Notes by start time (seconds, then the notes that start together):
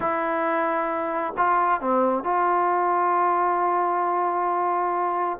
0.00 E4
1.37 F4
1.80 C4
2.23 F4